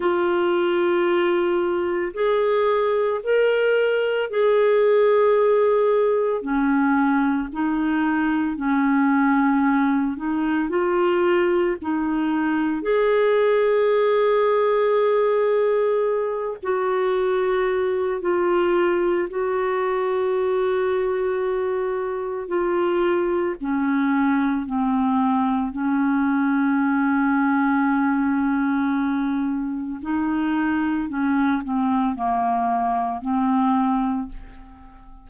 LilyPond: \new Staff \with { instrumentName = "clarinet" } { \time 4/4 \tempo 4 = 56 f'2 gis'4 ais'4 | gis'2 cis'4 dis'4 | cis'4. dis'8 f'4 dis'4 | gis'2.~ gis'8 fis'8~ |
fis'4 f'4 fis'2~ | fis'4 f'4 cis'4 c'4 | cis'1 | dis'4 cis'8 c'8 ais4 c'4 | }